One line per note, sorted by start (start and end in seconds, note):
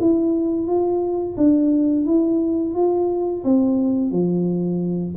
0.00 0.66 E4
0.66 1.35 F4
1.36 2.05 D4
2.05 2.74 E4
2.74 3.43 F4
3.44 4.11 C4
4.11 5.14 F3